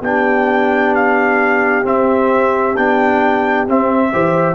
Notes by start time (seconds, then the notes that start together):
0.00 B3 D4 G4 G5
0.95 F5
1.84 C4 E5
2.76 B3 D4 G5
3.67 C4 E5
4.12 E3 G4 C5